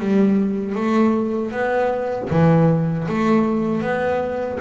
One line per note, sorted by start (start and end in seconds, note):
0.00 0.76 G3
0.76 1.52 A3
1.52 2.29 B3
2.30 3.07 E3
3.08 3.82 A3
3.82 4.59 B3